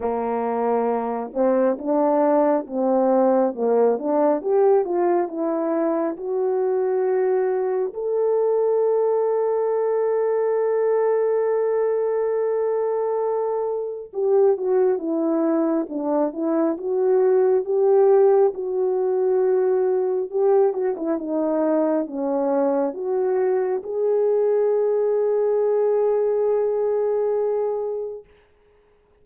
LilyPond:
\new Staff \with { instrumentName = "horn" } { \time 4/4 \tempo 4 = 68 ais4. c'8 d'4 c'4 | ais8 d'8 g'8 f'8 e'4 fis'4~ | fis'4 a'2.~ | a'1 |
g'8 fis'8 e'4 d'8 e'8 fis'4 | g'4 fis'2 g'8 fis'16 e'16 | dis'4 cis'4 fis'4 gis'4~ | gis'1 | }